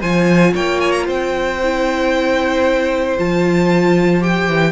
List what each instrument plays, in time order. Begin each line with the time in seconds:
0.00 cello F3, viola F4, violin C5 G#5
0.55 cello A#3, violin C#5 G5
0.80 violin G#5
0.92 violin A#5
1.06 cello C4, violin C5 G5
1.63 viola E4
3.17 cello F3, viola F4, violin A5
4.20 viola G4, violin G5
4.47 cello E3